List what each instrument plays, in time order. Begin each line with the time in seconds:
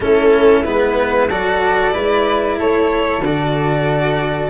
0.00 tuba A3, cello C#4, flute E4, violin A4
0.63 tuba G#3, cello B3, violin B4
1.29 tuba F#3, cello F#4, flute A4, violin D5
1.91 tuba G#3, cello E4, flute B4
2.58 tuba A3, flute A4, violin C#5
3.19 tuba D3, cello F#4, violin D5